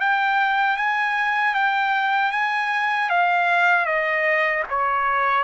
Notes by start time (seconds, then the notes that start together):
0.00 G5
0.77 G#5
1.54 G5
2.32 G#5
3.10 F5
3.85 D#5
4.70 C#5